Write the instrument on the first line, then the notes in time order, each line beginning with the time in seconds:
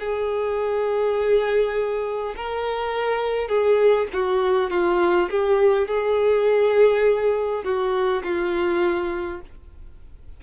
violin
0.00 G#4
2.36 A#4
3.49 G#4
4.13 F#4
4.71 F4
5.30 G4
5.88 G#4
7.64 F#4
8.24 F4